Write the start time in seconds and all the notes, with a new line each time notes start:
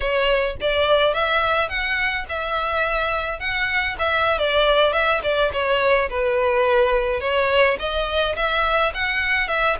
0.00 C#5
0.60 D5
1.14 E5
1.68 F#5
2.28 E5
3.39 F#5
3.99 E5
4.38 D5
4.92 E5
5.23 D5
5.52 C#5
6.09 B4
7.20 C#5
7.79 D#5
8.35 E5
8.94 F#5
9.48 E5